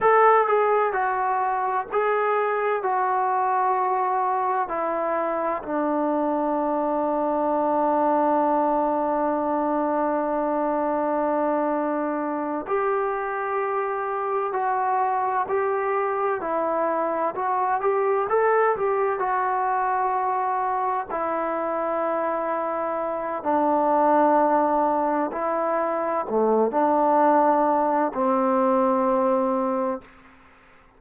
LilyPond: \new Staff \with { instrumentName = "trombone" } { \time 4/4 \tempo 4 = 64 a'8 gis'8 fis'4 gis'4 fis'4~ | fis'4 e'4 d'2~ | d'1~ | d'4. g'2 fis'8~ |
fis'8 g'4 e'4 fis'8 g'8 a'8 | g'8 fis'2 e'4.~ | e'4 d'2 e'4 | a8 d'4. c'2 | }